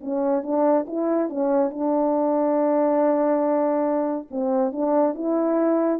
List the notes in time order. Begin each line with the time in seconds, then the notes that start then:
0.00 C#4
0.42 D4
0.87 E4
1.29 C#4
1.70 D4
4.30 C4
4.72 D4
5.14 E4